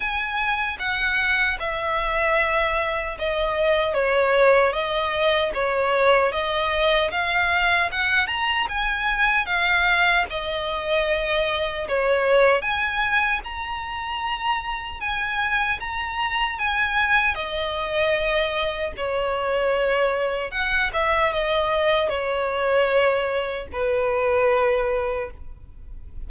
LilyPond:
\new Staff \with { instrumentName = "violin" } { \time 4/4 \tempo 4 = 76 gis''4 fis''4 e''2 | dis''4 cis''4 dis''4 cis''4 | dis''4 f''4 fis''8 ais''8 gis''4 | f''4 dis''2 cis''4 |
gis''4 ais''2 gis''4 | ais''4 gis''4 dis''2 | cis''2 fis''8 e''8 dis''4 | cis''2 b'2 | }